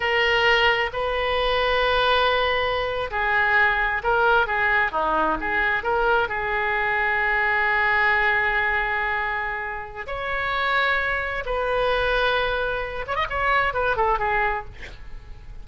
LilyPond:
\new Staff \with { instrumentName = "oboe" } { \time 4/4 \tempo 4 = 131 ais'2 b'2~ | b'2~ b'8. gis'4~ gis'16~ | gis'8. ais'4 gis'4 dis'4 gis'16~ | gis'8. ais'4 gis'2~ gis'16~ |
gis'1~ | gis'2 cis''2~ | cis''4 b'2.~ | b'8 cis''16 dis''16 cis''4 b'8 a'8 gis'4 | }